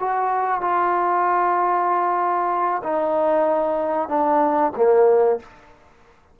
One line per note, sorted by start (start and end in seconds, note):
0.00 0.61 F#4
0.61 2.82 F4
2.84 4.09 D#4
4.09 4.72 D4
4.77 5.40 A#3